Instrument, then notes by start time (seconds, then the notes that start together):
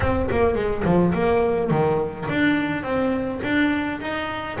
double bass
0.00 C4
0.30 A#3
0.54 G#3
0.84 F3
1.13 A#3
1.70 D#3
2.29 D4
2.83 C4
3.43 D4
4.00 D#4